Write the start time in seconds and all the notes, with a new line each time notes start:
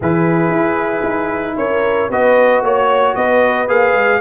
0.00 E3 E4 G#4 B4
0.51 E4
1.04 D#4
1.56 C#4 A#4 C#5
2.10 B3 F#4 B4 D#5
2.62 A#3 C#5
3.15 B3 B4 D#5
3.67 A#3 G#4 F5
3.93 G#3